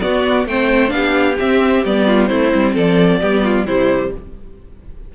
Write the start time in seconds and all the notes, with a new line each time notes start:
0.00 B3 F#4 D5
0.45 A3 C4 C5 G5
0.87 B3 D4 F5
0.95 G4
1.38 C4 E5
1.84 G3 B3 D5
2.06 F4
2.26 A3 C4 E4 C5
2.54 G3
2.74 F3 A4 D5
3.20 G3 B3 G4
3.43 F4
3.66 C3 G3 E4 C5